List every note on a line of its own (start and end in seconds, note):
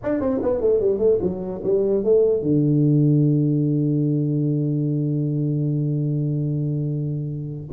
0.03 0.20 D4
0.20 0.41 C4
0.42 0.60 B3
0.60 0.80 A3
0.80 0.98 G3
0.98 1.18 A3
1.21 1.62 F#3
1.63 2.03 G3
2.03 2.42 A3
2.42 7.69 D3